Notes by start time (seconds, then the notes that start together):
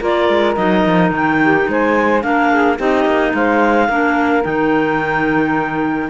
0.00 A#3 F4 A#4 D5
0.29 G#3
0.56 F#3 D#4 D#5
0.86 F3
1.11 D#3 G5
1.42 G4
1.69 G#3 C5 G#5
2.22 A#3 D4 A#4 F5
2.52 G#4
2.76 C4 D#4 G4 D#5
3.06 A#3
3.34 G#3 C5 F5
3.88 A#3 D4 A#4
4.44 D#3 D#4 G5